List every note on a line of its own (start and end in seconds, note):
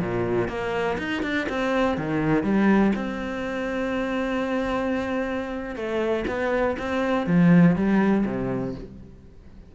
0.00 0.48 A#2
0.48 0.97 A#3
0.98 1.23 D#4
1.23 1.47 D4
1.49 1.97 C4
1.97 2.43 D#3
2.43 2.93 G3
2.95 5.76 C4
5.76 6.25 A3
6.27 6.77 B3
6.78 7.27 C4
7.27 7.76 F3
7.76 8.25 G3
8.26 8.75 C3